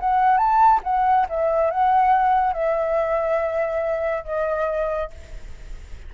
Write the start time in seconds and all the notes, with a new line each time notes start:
0.00 F#5
0.37 A5
0.83 F#5
1.29 E5
1.71 F#5
2.53 E5
4.25 D#5